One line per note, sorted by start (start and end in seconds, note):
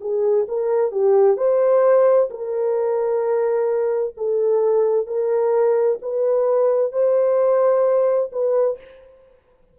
0.00 0.46 G#4
0.48 0.91 A#4
0.91 1.37 G4
1.37 2.29 C5
2.30 4.15 A#4
4.17 5.06 A4
5.06 5.98 A#4
6.01 6.92 B4
6.92 8.30 C5
8.32 8.78 B4